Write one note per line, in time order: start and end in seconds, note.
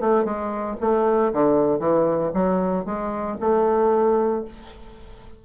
0.00 0.24 A3
0.24 0.77 G#3
0.80 1.33 A3
1.33 1.79 D3
1.79 2.31 E3
2.34 2.85 F#3
2.85 3.37 G#3
3.40 4.44 A3